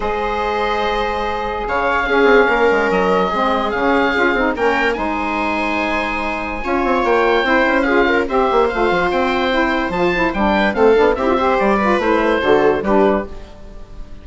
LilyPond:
<<
  \new Staff \with { instrumentName = "oboe" } { \time 4/4 \tempo 4 = 145 dis''1 | f''2. dis''4~ | dis''4 f''2 g''4 | gis''1~ |
gis''4 g''2 f''4 | e''4 f''4 g''2 | a''4 g''4 f''4 e''4 | d''4 c''2 b'4 | }
  \new Staff \with { instrumentName = "viola" } { \time 4/4 c''1 | cis''4 gis'4 ais'2 | gis'2. ais'4 | c''1 |
cis''2 c''4 gis'8 ais'8 | c''1~ | c''4. b'8 a'4 g'8 c''8~ | c''8 b'4. a'4 g'4 | }
  \new Staff \with { instrumentName = "saxophone" } { \time 4/4 gis'1~ | gis'4 cis'2. | c'4 cis'4 f'8 dis'8 cis'4 | dis'1 |
f'2 e'4 f'4 | g'4 f'2 e'4 | f'8 e'8 d'4 c'8 d'8 e'16 f'16 g'8~ | g'8 f'8 e'4 fis'4 d'4 | }
  \new Staff \with { instrumentName = "bassoon" } { \time 4/4 gis1 | cis4 cis'8 c'8 ais8 gis8 fis4 | gis4 cis4 cis'8 c'8 ais4 | gis1 |
cis'8 c'8 ais4 c'8 cis'4. | c'8 ais8 a8 f8 c'2 | f4 g4 a8 b8 c'4 | g4 a4 d4 g4 | }
>>